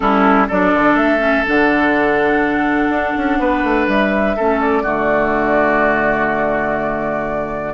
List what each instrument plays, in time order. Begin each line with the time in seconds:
0.00 bassoon G3, clarinet C#4, oboe E4, flute A4
0.47 bassoon F#3, clarinet D4, oboe A4, flute D5
0.73 bassoon D3
0.95 bassoon A3, flute E5
1.19 clarinet C#4
1.47 bassoon D3, clarinet D4, flute F#5
2.89 bassoon D4
3.16 bassoon C#4
3.38 bassoon B3, oboe B4
3.63 bassoon A3
3.87 bassoon G3, flute E5
4.36 bassoon A3, clarinet C#4, oboe A4
4.60 flute D5
4.82 bassoon D3, clarinet A3, oboe F#4